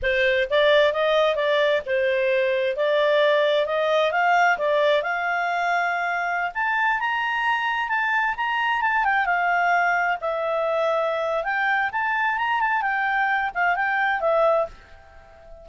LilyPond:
\new Staff \with { instrumentName = "clarinet" } { \time 4/4 \tempo 4 = 131 c''4 d''4 dis''4 d''4 | c''2 d''2 | dis''4 f''4 d''4 f''4~ | f''2~ f''16 a''4 ais''8.~ |
ais''4~ ais''16 a''4 ais''4 a''8 g''16~ | g''16 f''2 e''4.~ e''16~ | e''4 g''4 a''4 ais''8 a''8 | g''4. f''8 g''4 e''4 | }